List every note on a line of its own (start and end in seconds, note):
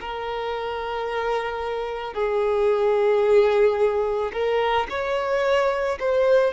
0.00 2.13 A#4
2.13 4.31 G#4
4.32 4.87 A#4
4.89 5.99 C#5
5.99 6.53 C5